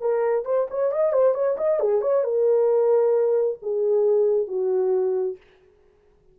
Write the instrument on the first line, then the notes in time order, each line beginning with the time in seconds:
horn
0.00 A#4
0.45 C5
0.70 C#5
0.92 D#5
1.12 C5
1.34 C#5
1.57 D#5
1.80 G#4
2.01 C#5
2.23 A#4
3.62 G#4
4.47 F#4